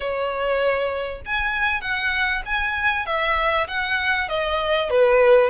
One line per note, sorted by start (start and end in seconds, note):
0.00 1.21 C#5
1.25 1.81 G#5
1.81 2.42 F#5
2.45 3.06 G#5
3.06 3.67 E5
3.67 4.29 F#5
4.29 4.90 D#5
4.90 5.50 B4